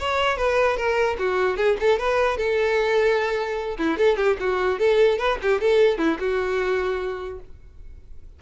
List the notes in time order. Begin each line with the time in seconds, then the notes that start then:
0.00 C#5
0.38 B4
0.77 A#4
1.19 F#4
1.57 G#4
1.80 A4
1.99 B4
2.38 A4
3.79 E4
3.98 A4
4.17 G4
4.40 F#4
4.80 A4
5.19 B4
5.43 G4
5.61 A4
5.99 E4
6.20 F#4